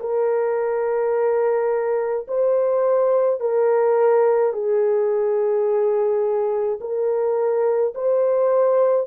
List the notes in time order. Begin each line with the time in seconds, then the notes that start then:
0.00 A#4
2.28 C5
3.41 A#4
4.53 G#4
6.81 A#4
7.95 C5